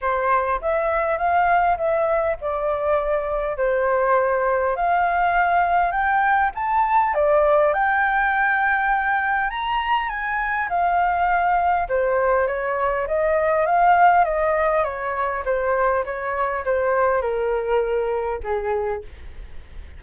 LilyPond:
\new Staff \with { instrumentName = "flute" } { \time 4/4 \tempo 4 = 101 c''4 e''4 f''4 e''4 | d''2 c''2 | f''2 g''4 a''4 | d''4 g''2. |
ais''4 gis''4 f''2 | c''4 cis''4 dis''4 f''4 | dis''4 cis''4 c''4 cis''4 | c''4 ais'2 gis'4 | }